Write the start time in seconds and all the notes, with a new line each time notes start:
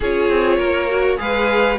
0.00 C#4 F4 G#4 C#5
0.29 C4
0.57 A#3 A#4
0.89 F#4
1.17 G#3 G#4 B4 F5